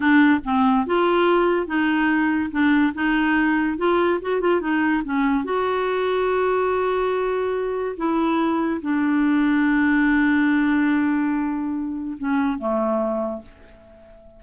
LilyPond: \new Staff \with { instrumentName = "clarinet" } { \time 4/4 \tempo 4 = 143 d'4 c'4 f'2 | dis'2 d'4 dis'4~ | dis'4 f'4 fis'8 f'8 dis'4 | cis'4 fis'2.~ |
fis'2. e'4~ | e'4 d'2.~ | d'1~ | d'4 cis'4 a2 | }